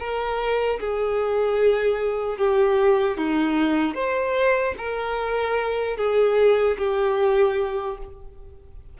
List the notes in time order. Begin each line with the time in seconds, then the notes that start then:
0.00 A#4
0.80 G#4
2.38 G4
3.18 D#4
3.95 C5
4.78 A#4
5.97 G#4
6.78 G4